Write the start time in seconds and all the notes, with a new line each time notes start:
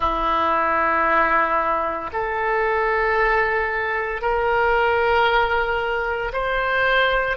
0.00 E4
2.12 A4
4.21 A#4
6.33 C5